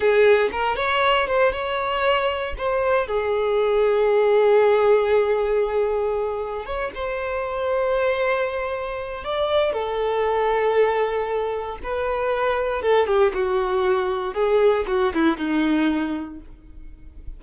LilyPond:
\new Staff \with { instrumentName = "violin" } { \time 4/4 \tempo 4 = 117 gis'4 ais'8 cis''4 c''8 cis''4~ | cis''4 c''4 gis'2~ | gis'1~ | gis'4 cis''8 c''2~ c''8~ |
c''2 d''4 a'4~ | a'2. b'4~ | b'4 a'8 g'8 fis'2 | gis'4 fis'8 e'8 dis'2 | }